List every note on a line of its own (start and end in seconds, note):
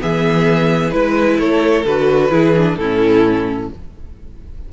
0.00 0.94 E3
0.00 0.92 B3
0.00 0.94 G#4
0.00 0.91 E5
0.91 1.40 G#3
0.91 1.85 E4
0.91 1.37 B4
0.91 1.41 B4
1.40 1.86 A3
1.40 2.31 A4
1.40 1.86 C#5
1.86 2.31 D3
1.86 2.31 F#4
1.86 2.76 B4
2.31 2.77 E3
2.31 2.54 E4
2.31 2.77 G#4
2.57 2.80 D4
2.76 3.70 A2
2.76 3.73 C#4
2.76 3.72 E4
2.76 3.69 A4